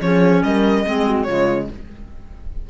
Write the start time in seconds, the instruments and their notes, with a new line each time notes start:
0.00 cello F3, clarinet C#4, horn G#4, violin C#5
0.42 cello G3, horn A#4, violin D#5
0.85 cello G#3, clarinet C4, horn G#4
1.06 horn F#4
1.23 cello C#3, clarinet G#3, horn F4, violin C#5